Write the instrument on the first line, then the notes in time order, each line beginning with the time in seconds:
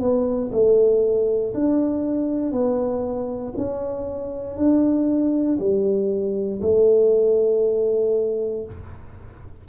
tuba
0.00 B3
0.52 A3
1.54 D4
2.52 B3
3.57 C#4
4.57 D4
5.59 G3
6.61 A3